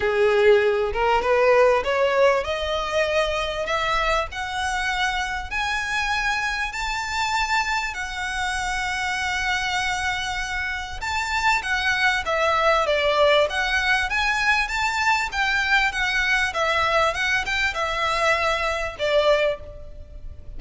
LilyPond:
\new Staff \with { instrumentName = "violin" } { \time 4/4 \tempo 4 = 98 gis'4. ais'8 b'4 cis''4 | dis''2 e''4 fis''4~ | fis''4 gis''2 a''4~ | a''4 fis''2.~ |
fis''2 a''4 fis''4 | e''4 d''4 fis''4 gis''4 | a''4 g''4 fis''4 e''4 | fis''8 g''8 e''2 d''4 | }